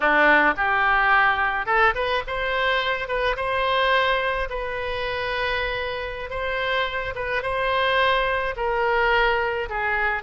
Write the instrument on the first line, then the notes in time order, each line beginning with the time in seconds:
oboe
0.00 D4
0.56 G4
1.66 A4
1.94 B4
2.27 C5
3.08 B4
3.36 C5
4.49 B4
6.30 C5
7.15 B4
7.42 C5
8.56 A#4
9.69 G#4